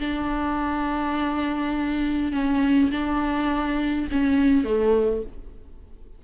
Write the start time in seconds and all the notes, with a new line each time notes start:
0.00 D4
2.32 C#4
2.91 D4
4.11 C#4
4.64 A3